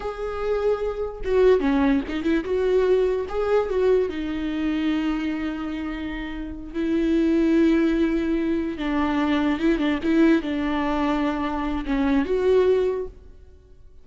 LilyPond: \new Staff \with { instrumentName = "viola" } { \time 4/4 \tempo 4 = 147 gis'2. fis'4 | cis'4 dis'8 e'8 fis'2 | gis'4 fis'4 dis'2~ | dis'1~ |
dis'8 e'2.~ e'8~ | e'4. d'2 e'8 | d'8 e'4 d'2~ d'8~ | d'4 cis'4 fis'2 | }